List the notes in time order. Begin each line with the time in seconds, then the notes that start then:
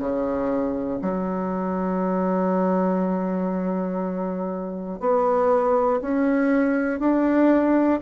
0.00 C#3
1.02 F#3
5.01 B3
6.02 C#4
7.00 D4